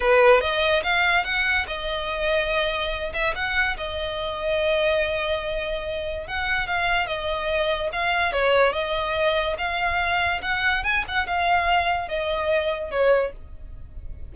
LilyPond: \new Staff \with { instrumentName = "violin" } { \time 4/4 \tempo 4 = 144 b'4 dis''4 f''4 fis''4 | dis''2.~ dis''8 e''8 | fis''4 dis''2.~ | dis''2. fis''4 |
f''4 dis''2 f''4 | cis''4 dis''2 f''4~ | f''4 fis''4 gis''8 fis''8 f''4~ | f''4 dis''2 cis''4 | }